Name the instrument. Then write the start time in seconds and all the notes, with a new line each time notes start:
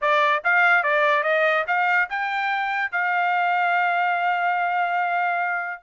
trumpet
0.01 D5
0.44 F5
0.83 D5
1.23 D#5
1.67 F5
2.09 G5
2.91 F5